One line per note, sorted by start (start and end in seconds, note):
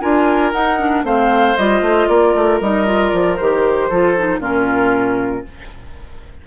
0.00 0.53 D4
0.00 0.53 F4
0.00 1.05 A#4
0.00 0.52 G#5
0.52 1.04 D#4
0.52 0.79 D#4
0.52 1.04 F#5
0.79 1.04 D4
1.04 1.55 A3
1.04 1.56 C4
1.04 2.08 C5
1.04 1.57 F5
1.57 1.81 G3
1.57 2.62 F4
1.57 2.07 D#5
1.81 2.07 A3
2.07 2.34 A#3
2.07 3.89 A#4
2.07 2.59 D5
2.35 2.61 A3
2.61 3.12 G3
2.61 2.86 D#4
2.61 3.09 D#5
2.86 3.37 F4
3.09 3.38 F3
3.09 3.35 D5
3.36 3.90 D#3
3.36 3.91 G4
3.36 4.40 C5
3.89 4.39 F3
3.89 4.17 F4
3.89 4.40 A4
4.17 4.40 D#4
4.39 5.43 A#2
4.39 5.44 C#4
4.39 5.43 F4
4.39 5.47 A#4